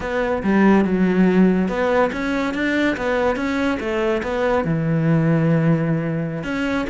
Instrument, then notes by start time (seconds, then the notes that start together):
cello
0.00 B3
0.43 G3
0.85 F#3
1.68 B3
2.12 C#4
2.54 D4
2.97 B3
3.36 C#4
3.79 A3
4.22 B3
4.64 E3
6.43 C#4